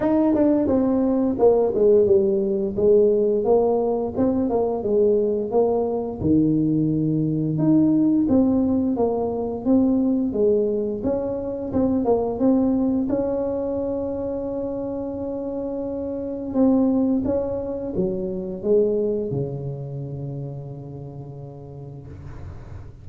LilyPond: \new Staff \with { instrumentName = "tuba" } { \time 4/4 \tempo 4 = 87 dis'8 d'8 c'4 ais8 gis8 g4 | gis4 ais4 c'8 ais8 gis4 | ais4 dis2 dis'4 | c'4 ais4 c'4 gis4 |
cis'4 c'8 ais8 c'4 cis'4~ | cis'1 | c'4 cis'4 fis4 gis4 | cis1 | }